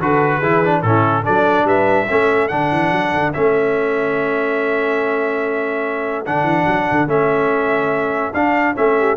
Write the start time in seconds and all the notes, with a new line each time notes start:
0.00 D3 F#4 A4 B4
0.38 E3 E4 G#4
0.64 D4
0.82 A2 C#4 E4 A4
1.23 F#3 D4 A4 D5
1.64 G3 B4 E5
2.08 A3 C#4 A4
2.48 D3 D4 F#5
2.71 E3
2.91 F#3
3.13 D3
3.33 A3 C#4 E5
6.25 D3 D4 F#5
6.43 E3
6.66 F#3
6.91 D3
7.07 A3 C#4 E5
8.33 D4 F5
8.75 A3 C#4 E5
8.98 G4